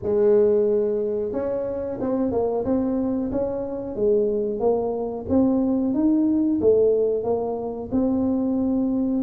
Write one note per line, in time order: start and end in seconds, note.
0.02 1.32 G#3
1.32 1.98 C#4
2.00 2.31 C4
2.31 2.64 A#3
2.65 3.31 C4
3.31 3.95 C#4
3.95 4.59 G#3
4.59 5.25 A#3
5.29 5.93 C4
5.93 6.59 D#4
6.61 7.23 A3
7.23 7.89 A#3
7.91 9.23 C4